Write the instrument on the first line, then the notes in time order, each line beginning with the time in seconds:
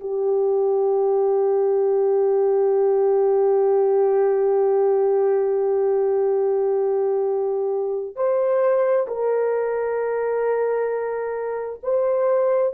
horn
0.00 G4
8.16 C5
9.07 A#4
11.83 C5